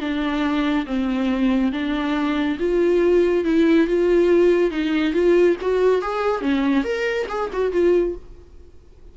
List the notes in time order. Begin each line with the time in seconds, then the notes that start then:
0.00 D4
0.86 C4
1.72 D4
2.59 F4
3.45 E4
3.87 F4
4.71 D#4
5.14 F4
5.61 F#4
6.02 G#4
6.41 C#4
6.84 A#4
7.29 G#4
7.53 F#4
7.72 F4